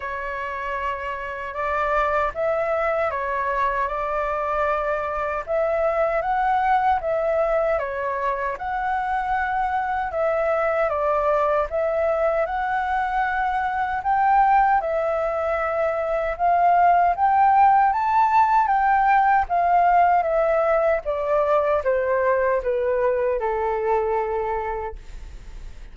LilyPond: \new Staff \with { instrumentName = "flute" } { \time 4/4 \tempo 4 = 77 cis''2 d''4 e''4 | cis''4 d''2 e''4 | fis''4 e''4 cis''4 fis''4~ | fis''4 e''4 d''4 e''4 |
fis''2 g''4 e''4~ | e''4 f''4 g''4 a''4 | g''4 f''4 e''4 d''4 | c''4 b'4 a'2 | }